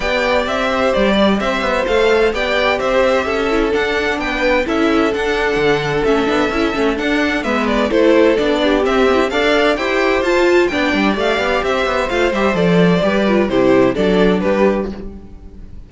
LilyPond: <<
  \new Staff \with { instrumentName = "violin" } { \time 4/4 \tempo 4 = 129 g''4 e''4 d''4 e''4 | f''4 g''4 e''2 | fis''4 g''4 e''4 fis''4~ | fis''4 e''2 fis''4 |
e''8 d''8 c''4 d''4 e''4 | f''4 g''4 a''4 g''4 | f''4 e''4 f''8 e''8 d''4~ | d''4 c''4 d''4 b'4 | }
  \new Staff \with { instrumentName = "violin" } { \time 4/4 d''4. c''4 d''8 c''4~ | c''4 d''4 c''4 a'4~ | a'4 b'4 a'2~ | a'1 |
b'4 a'4. g'4. | d''4 c''2 d''4~ | d''4 c''2. | b'4 g'4 a'4 g'4 | }
  \new Staff \with { instrumentName = "viola" } { \time 4/4 g'1 | a'4 g'2~ g'8 e'8 | d'2 e'4 d'4~ | d'4 cis'8 d'8 e'8 cis'8 d'4 |
b4 e'4 d'4 c'8 b16 e'16 | a'4 g'4 f'4 d'4 | g'2 f'8 g'8 a'4 | g'8 f'8 e'4 d'2 | }
  \new Staff \with { instrumentName = "cello" } { \time 4/4 b4 c'4 g4 c'8 b8 | a4 b4 c'4 cis'4 | d'4 b4 cis'4 d'4 | d4 a8 b8 cis'8 a8 d'4 |
gis4 a4 b4 c'4 | d'4 e'4 f'4 b8 g8 | a8 b8 c'8 b8 a8 g8 f4 | g4 c4 fis4 g4 | }
>>